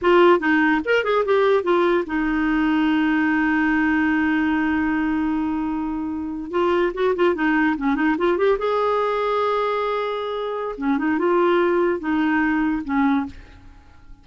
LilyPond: \new Staff \with { instrumentName = "clarinet" } { \time 4/4 \tempo 4 = 145 f'4 dis'4 ais'8 gis'8 g'4 | f'4 dis'2.~ | dis'1~ | dis'2.~ dis'8. f'16~ |
f'8. fis'8 f'8 dis'4 cis'8 dis'8 f'16~ | f'16 g'8 gis'2.~ gis'16~ | gis'2 cis'8 dis'8 f'4~ | f'4 dis'2 cis'4 | }